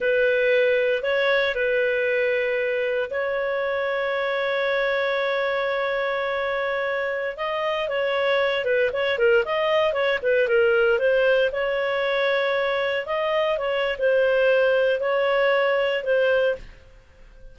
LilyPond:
\new Staff \with { instrumentName = "clarinet" } { \time 4/4 \tempo 4 = 116 b'2 cis''4 b'4~ | b'2 cis''2~ | cis''1~ | cis''2~ cis''16 dis''4 cis''8.~ |
cis''8. b'8 cis''8 ais'8 dis''4 cis''8 b'16~ | b'16 ais'4 c''4 cis''4.~ cis''16~ | cis''4~ cis''16 dis''4 cis''8. c''4~ | c''4 cis''2 c''4 | }